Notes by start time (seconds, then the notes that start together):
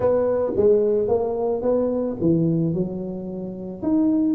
0.00 B3
0.56 G#3
1.08 A#3
1.62 B3
2.20 E3
2.73 F#3
3.82 D#4